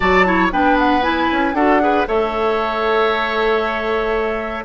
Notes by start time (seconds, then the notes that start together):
0.00 F#3 F#4 D5 A5
0.25 E4 C#5
0.51 B3 D4 B4 G5
0.78 F#5
1.01 E4 G#5
1.31 C#4
1.53 D4 F#4 A4 F#5
1.80 G#4 B4
2.06 A3 A4 C#5 E5